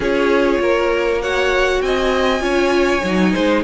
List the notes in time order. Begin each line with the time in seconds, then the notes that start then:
0.00 C#4 F4 G#4 C#5
0.59 A#3 A#4
1.21 F#4 C#5 F#5
1.81 C4 D#5 G#5
2.39 C#4 F4 C#5
3.03 F#3 D#4
3.32 G#3 C5